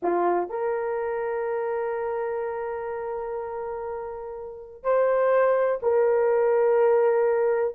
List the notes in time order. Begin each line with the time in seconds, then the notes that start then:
0.02 F4
0.49 A#4
4.83 C5
5.82 A#4